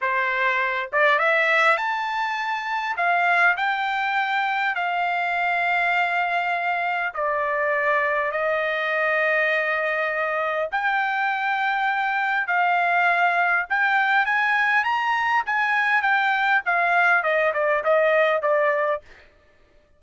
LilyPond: \new Staff \with { instrumentName = "trumpet" } { \time 4/4 \tempo 4 = 101 c''4. d''8 e''4 a''4~ | a''4 f''4 g''2 | f''1 | d''2 dis''2~ |
dis''2 g''2~ | g''4 f''2 g''4 | gis''4 ais''4 gis''4 g''4 | f''4 dis''8 d''8 dis''4 d''4 | }